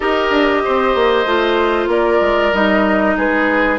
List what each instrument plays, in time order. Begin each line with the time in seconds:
0.00 bassoon D#4, clarinet G4, oboe A#4, flute D#5
0.30 bassoon D4
0.64 bassoon C4, oboe C5
0.94 bassoon A#3
1.25 bassoon A3, clarinet F4
1.87 bassoon A#3, oboe A#4, flute D5
2.21 bassoon G#3
2.52 bassoon G3, clarinet D#4, flute D#5
3.16 bassoon G#3, oboe G#4, flute B4